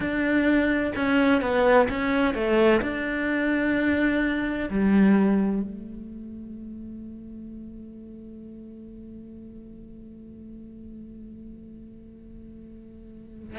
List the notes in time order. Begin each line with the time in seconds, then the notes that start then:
0.00 D4
0.95 C#4
1.41 B3
1.89 C#4
2.34 A3
2.81 D4
4.70 G3
5.62 A3